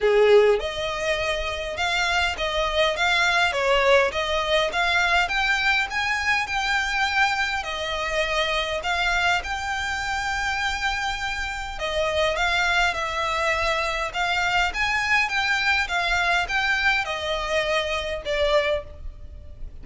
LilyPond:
\new Staff \with { instrumentName = "violin" } { \time 4/4 \tempo 4 = 102 gis'4 dis''2 f''4 | dis''4 f''4 cis''4 dis''4 | f''4 g''4 gis''4 g''4~ | g''4 dis''2 f''4 |
g''1 | dis''4 f''4 e''2 | f''4 gis''4 g''4 f''4 | g''4 dis''2 d''4 | }